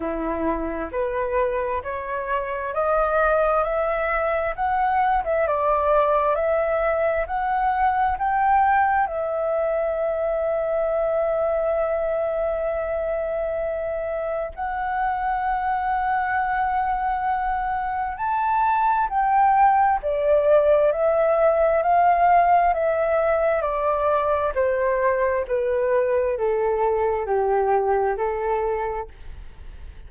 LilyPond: \new Staff \with { instrumentName = "flute" } { \time 4/4 \tempo 4 = 66 e'4 b'4 cis''4 dis''4 | e''4 fis''8. e''16 d''4 e''4 | fis''4 g''4 e''2~ | e''1 |
fis''1 | a''4 g''4 d''4 e''4 | f''4 e''4 d''4 c''4 | b'4 a'4 g'4 a'4 | }